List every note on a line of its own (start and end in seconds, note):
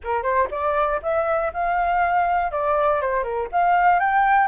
0.03 0.22 A#4
0.22 0.47 C5
0.50 1.00 D5
1.02 1.52 E5
1.53 2.51 F5
2.51 3.01 D5
3.01 3.23 C5
3.23 3.48 A#4
3.52 3.99 F5
3.99 4.47 G5